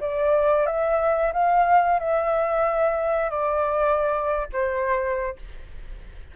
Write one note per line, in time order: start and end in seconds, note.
0.00 0.66 D5
0.66 1.33 E5
1.33 1.99 F5
1.99 3.30 E5
3.30 4.47 D5
4.53 5.36 C5